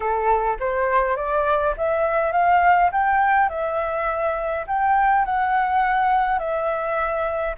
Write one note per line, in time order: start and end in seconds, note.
0.00 0.57 A4
0.59 1.16 C5
1.16 1.74 D5
1.77 2.32 E5
2.32 2.90 F5
2.92 3.49 G5
3.49 4.65 E5
4.67 5.25 G5
5.25 6.38 F#5
6.38 7.55 E5